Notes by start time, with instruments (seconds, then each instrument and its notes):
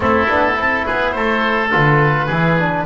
0.00 double bass A3, trombone C4, oboe E4 A4
0.28 double bass B3, trombone D4
0.53 double bass C4, trombone E4, oboe A4
0.85 double bass B3, oboe G#4 B4
1.11 double bass A3, oboe A4 C5
1.71 double bass D3, trombone F4, oboe B4
2.26 double bass E3, trombone E4, oboe G#4
2.58 trombone D4